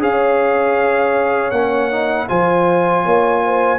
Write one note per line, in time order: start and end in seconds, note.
0.00 1.52 C#4
0.00 1.52 G#4
0.00 2.29 C#5
0.00 1.51 F5
1.51 2.28 A#3
1.51 1.91 C#4
1.51 2.27 F#5
1.91 2.28 D#4
2.28 3.05 F3
2.28 3.79 F4
2.28 3.04 C5
2.28 3.79 G#5
3.04 3.79 A#3
3.04 3.42 C#5
3.45 3.79 C5